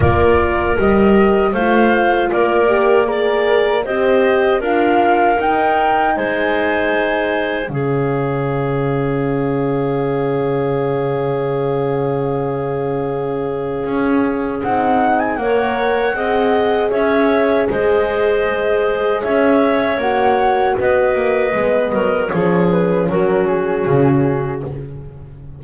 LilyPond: <<
  \new Staff \with { instrumentName = "flute" } { \time 4/4 \tempo 4 = 78 d''4 dis''4 f''4 d''4 | ais'4 dis''4 f''4 g''4 | gis''2 f''2~ | f''1~ |
f''2. fis''8. gis''16 | fis''2 e''4 dis''4~ | dis''4 e''4 fis''4 dis''4~ | dis''4 cis''8 b'8 ais'8 gis'4. | }
  \new Staff \with { instrumentName = "clarinet" } { \time 4/4 ais'2 c''4 ais'4 | d''4 c''4 ais'2 | c''2 gis'2~ | gis'1~ |
gis'1 | cis''4 dis''4 cis''4 c''4~ | c''4 cis''2 b'4~ | b'8 ais'8 gis'4 fis'2 | }
  \new Staff \with { instrumentName = "horn" } { \time 4/4 f'4 g'4 f'4. g'8 | gis'4 g'4 f'4 dis'4~ | dis'2 cis'2~ | cis'1~ |
cis'2. dis'4 | ais'4 gis'2.~ | gis'2 fis'2 | b4 cis'2. | }
  \new Staff \with { instrumentName = "double bass" } { \time 4/4 ais4 g4 a4 ais4~ | ais4 c'4 d'4 dis'4 | gis2 cis2~ | cis1~ |
cis2 cis'4 c'4 | ais4 c'4 cis'4 gis4~ | gis4 cis'4 ais4 b8 ais8 | gis8 fis8 f4 fis4 cis4 | }
>>